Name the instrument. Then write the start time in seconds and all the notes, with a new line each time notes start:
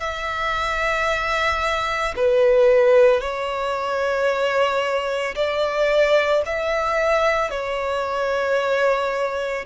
violin
0.00 E5
2.16 B4
3.20 C#5
5.35 D5
6.46 E5
7.50 C#5